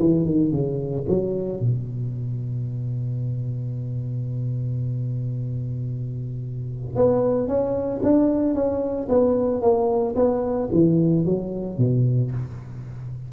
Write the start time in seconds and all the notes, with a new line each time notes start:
0.00 E3
0.26 D#3
0.52 C#3
1.09 F#3
1.60 B2
6.96 B3
7.48 C#4
8.03 D4
8.54 C#4
9.09 B3
9.62 A#3
10.16 B3
10.72 E3
11.25 F#3
11.78 B2